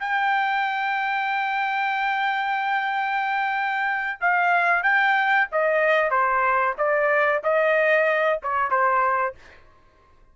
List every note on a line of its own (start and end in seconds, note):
0.00 4.19 G5
4.21 4.83 F5
4.83 5.48 G5
5.52 6.11 D#5
6.11 6.75 C5
6.78 7.43 D5
7.44 8.40 D#5
8.43 8.71 C#5
8.71 9.35 C5